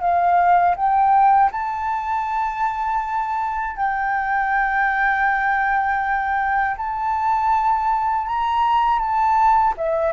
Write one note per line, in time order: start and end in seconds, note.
0.00 0.75 F5
0.76 1.51 G5
1.51 3.76 A5
3.76 6.76 G5
6.77 8.27 A5
8.27 8.99 A#5
8.99 9.74 A5
9.77 10.12 E5